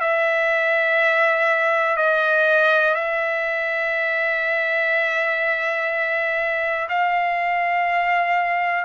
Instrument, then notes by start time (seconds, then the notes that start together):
trumpet
0.00 E5
1.96 D#5
2.95 E5
6.89 F5